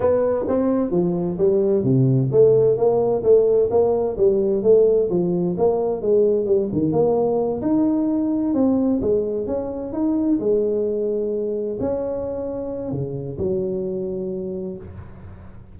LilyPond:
\new Staff \with { instrumentName = "tuba" } { \time 4/4 \tempo 4 = 130 b4 c'4 f4 g4 | c4 a4 ais4 a4 | ais4 g4 a4 f4 | ais4 gis4 g8 dis8 ais4~ |
ais8 dis'2 c'4 gis8~ | gis8 cis'4 dis'4 gis4.~ | gis4. cis'2~ cis'8 | cis4 fis2. | }